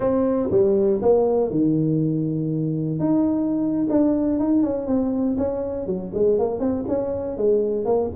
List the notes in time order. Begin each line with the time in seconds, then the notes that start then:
0.00 C4
0.51 G3
1.01 A#3
1.50 D#3
2.99 D#4
3.89 D4
4.39 D#4
4.62 C#4
4.86 C4
5.38 C#4
5.86 F#3
6.14 G#3
6.38 A#3
6.59 C4
6.88 C#4
7.37 G#3
7.85 A#3